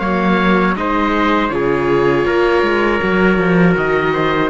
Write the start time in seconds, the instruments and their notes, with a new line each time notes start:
0.00 cello F#3, viola A#3, trumpet C#5, oboe F5
0.75 cello G#3, viola D#4, trumpet C5, oboe D#5
1.50 cello C#3, viola F4, trumpet G#4, oboe C#5
2.26 cello A#3, trumpet A#4
2.63 cello G#3
3.02 cello F#3, viola F#4
3.38 cello F3
3.77 cello D#3, oboe D#5
4.14 trumpet C5